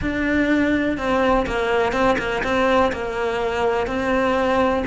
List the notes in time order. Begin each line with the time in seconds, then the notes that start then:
0.01 D4
0.97 C4
1.46 A#3
1.92 C4
2.18 A#3
2.43 C4
2.92 A#3
3.86 C4